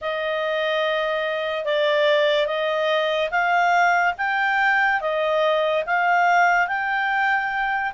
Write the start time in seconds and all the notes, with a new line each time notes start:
0.01 D#5
1.64 D5
2.46 D#5
3.30 F5
4.17 G5
5.00 D#5
5.85 F5
6.67 G5